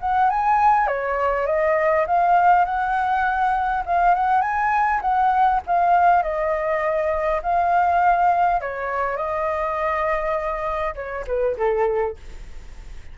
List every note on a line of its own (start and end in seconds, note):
0.00 0.29 F#5
0.29 0.87 G#5
0.87 1.46 C#5
1.46 2.05 D#5
2.07 2.65 F5
2.65 3.84 F#5
3.86 4.14 F5
4.14 4.41 F#5
4.41 5.01 G#5
5.01 5.61 F#5
5.66 6.22 F5
6.22 7.41 D#5
7.42 8.61 F5
8.61 9.16 C#5
9.16 10.94 D#5
10.95 11.24 C#5
11.27 11.57 B4
11.57 12.16 A4